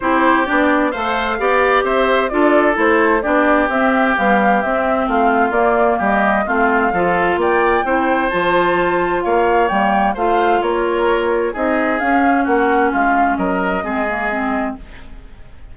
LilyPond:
<<
  \new Staff \with { instrumentName = "flute" } { \time 4/4 \tempo 4 = 130 c''4 d''4 f''2 | e''4 d''4 c''4 d''4 | e''4 f''4 e''4 f''4 | d''4 dis''4 f''2 |
g''2 a''2 | f''4 g''4 f''4 cis''4~ | cis''4 dis''4 f''4 fis''4 | f''4 dis''2. | }
  \new Staff \with { instrumentName = "oboe" } { \time 4/4 g'2 c''4 d''4 | c''4 a'2 g'4~ | g'2. f'4~ | f'4 g'4 f'4 a'4 |
d''4 c''2. | cis''2 c''4 ais'4~ | ais'4 gis'2 fis'4 | f'4 ais'4 gis'2 | }
  \new Staff \with { instrumentName = "clarinet" } { \time 4/4 e'4 d'4 a'4 g'4~ | g'4 f'4 e'4 d'4 | c'4 g4 c'2 | ais2 c'4 f'4~ |
f'4 e'4 f'2~ | f'4 ais4 f'2~ | f'4 dis'4 cis'2~ | cis'2 c'8 ais8 c'4 | }
  \new Staff \with { instrumentName = "bassoon" } { \time 4/4 c'4 b4 a4 b4 | c'4 d'4 a4 b4 | c'4 b4 c'4 a4 | ais4 g4 a4 f4 |
ais4 c'4 f2 | ais4 g4 a4 ais4~ | ais4 c'4 cis'4 ais4 | gis4 fis4 gis2 | }
>>